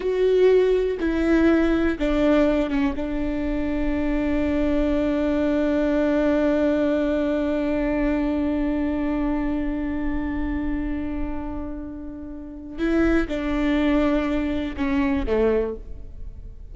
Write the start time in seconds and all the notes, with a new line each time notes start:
0.00 F#4
1.00 E4
1.98 D4
2.70 C#4
2.95 D4
12.78 E4
13.28 D4
14.77 C#4
15.26 A3